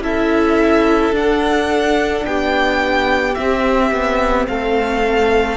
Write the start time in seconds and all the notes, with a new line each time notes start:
0.00 C#4 E4 A4 E5
1.12 D4 F#5
2.25 B3 G4 G5
3.34 C4 E5
3.91 B3
4.48 A3 A4 F5